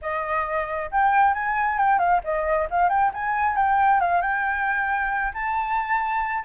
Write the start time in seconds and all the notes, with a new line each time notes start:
0.01 D#5
0.91 G5
1.33 G#5
1.78 G5
1.99 F5
2.23 D#5
2.70 F5
2.89 G5
3.13 G#5
3.56 G5
4.00 F5
4.21 G5
5.33 A5